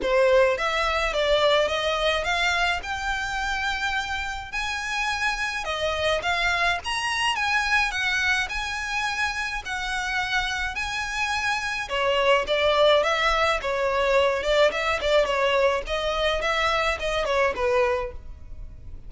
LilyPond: \new Staff \with { instrumentName = "violin" } { \time 4/4 \tempo 4 = 106 c''4 e''4 d''4 dis''4 | f''4 g''2. | gis''2 dis''4 f''4 | ais''4 gis''4 fis''4 gis''4~ |
gis''4 fis''2 gis''4~ | gis''4 cis''4 d''4 e''4 | cis''4. d''8 e''8 d''8 cis''4 | dis''4 e''4 dis''8 cis''8 b'4 | }